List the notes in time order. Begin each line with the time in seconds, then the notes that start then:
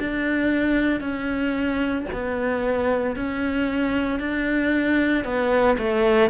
0.00 D4
1.00 C#4
2.13 B3
3.16 C#4
4.20 D4
5.25 B3
5.78 A3